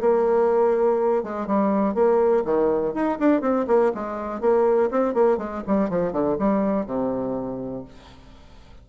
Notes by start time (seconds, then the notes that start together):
0.00 A#3
1.23 G#3
1.46 G3
1.94 A#3
2.44 D#3
2.94 D#4
3.19 D4
3.41 C4
3.67 A#3
3.94 G#3
4.41 A#3
4.91 C4
5.14 A#3
5.37 G#3
5.67 G3
5.89 F3
6.12 D3
6.38 G3
6.86 C3